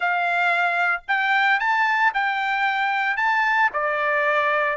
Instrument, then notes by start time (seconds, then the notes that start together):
trumpet
0.00 F5
1.08 G5
1.59 A5
2.14 G5
3.16 A5
3.73 D5